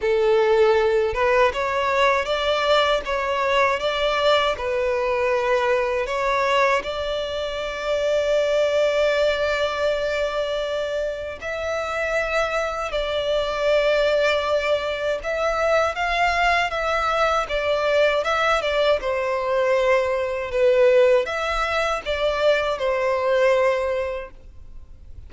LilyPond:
\new Staff \with { instrumentName = "violin" } { \time 4/4 \tempo 4 = 79 a'4. b'8 cis''4 d''4 | cis''4 d''4 b'2 | cis''4 d''2.~ | d''2. e''4~ |
e''4 d''2. | e''4 f''4 e''4 d''4 | e''8 d''8 c''2 b'4 | e''4 d''4 c''2 | }